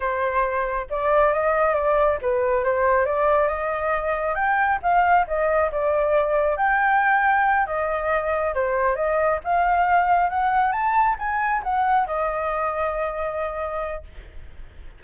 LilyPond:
\new Staff \with { instrumentName = "flute" } { \time 4/4 \tempo 4 = 137 c''2 d''4 dis''4 | d''4 b'4 c''4 d''4 | dis''2 g''4 f''4 | dis''4 d''2 g''4~ |
g''4. dis''2 c''8~ | c''8 dis''4 f''2 fis''8~ | fis''8 a''4 gis''4 fis''4 dis''8~ | dis''1 | }